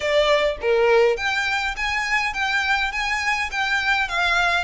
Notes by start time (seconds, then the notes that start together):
0.00 D5
0.61 A#4
1.17 G5
1.76 G#5
2.33 G5
2.92 G#5
3.51 G5
4.08 F5